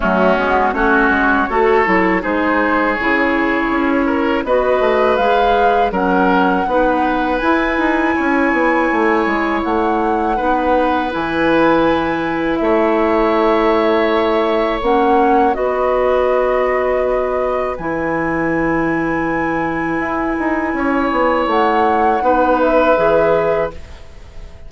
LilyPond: <<
  \new Staff \with { instrumentName = "flute" } { \time 4/4 \tempo 4 = 81 fis'4 cis''2 c''4 | cis''2 dis''4 f''4 | fis''2 gis''2~ | gis''4 fis''2 gis''4~ |
gis''4 e''2. | fis''4 dis''2. | gis''1~ | gis''4 fis''4. e''4. | }
  \new Staff \with { instrumentName = "oboe" } { \time 4/4 cis'4 fis'4 a'4 gis'4~ | gis'4. ais'8 b'2 | ais'4 b'2 cis''4~ | cis''2 b'2~ |
b'4 cis''2.~ | cis''4 b'2.~ | b'1 | cis''2 b'2 | }
  \new Staff \with { instrumentName = "clarinet" } { \time 4/4 a8 b8 cis'4 fis'8 e'8 dis'4 | e'2 fis'4 gis'4 | cis'4 dis'4 e'2~ | e'2 dis'4 e'4~ |
e'1 | cis'4 fis'2. | e'1~ | e'2 dis'4 gis'4 | }
  \new Staff \with { instrumentName = "bassoon" } { \time 4/4 fis8 gis8 a8 gis8 a8 fis8 gis4 | cis4 cis'4 b8 a8 gis4 | fis4 b4 e'8 dis'8 cis'8 b8 | a8 gis8 a4 b4 e4~ |
e4 a2. | ais4 b2. | e2. e'8 dis'8 | cis'8 b8 a4 b4 e4 | }
>>